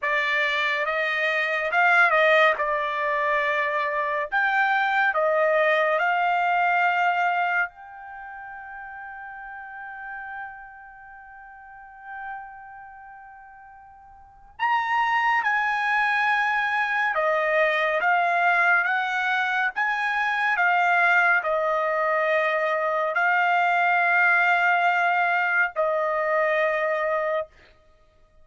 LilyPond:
\new Staff \with { instrumentName = "trumpet" } { \time 4/4 \tempo 4 = 70 d''4 dis''4 f''8 dis''8 d''4~ | d''4 g''4 dis''4 f''4~ | f''4 g''2.~ | g''1~ |
g''4 ais''4 gis''2 | dis''4 f''4 fis''4 gis''4 | f''4 dis''2 f''4~ | f''2 dis''2 | }